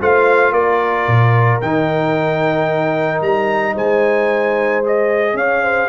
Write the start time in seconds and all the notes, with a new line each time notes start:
0.00 A3 F4 C5 F5
0.52 A#3 A#4 D5
1.07 A#2
1.61 D#3 D#4 G5
3.21 G3 A#5
3.74 G#3 C5 G#5
4.83 G#4 D#5
5.33 C#4 C#5 F5
5.62 C5